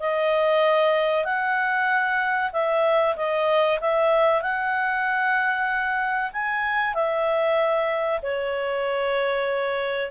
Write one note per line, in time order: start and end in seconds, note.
0.00 1.25 D#5
1.25 2.51 F#5
2.53 3.16 E5
3.17 3.80 D#5
3.81 4.42 E5
4.42 6.32 F#5
6.33 6.94 G#5
6.94 8.21 E5
8.22 10.11 C#5